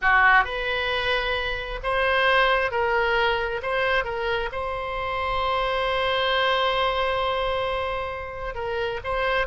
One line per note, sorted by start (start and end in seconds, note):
0.01 0.44 F#4
0.44 1.79 B4
1.83 2.71 C5
2.71 3.61 A#4
3.62 4.04 C5
4.04 4.49 A#4
4.52 8.54 C5
8.54 9.00 A#4
9.03 9.46 C5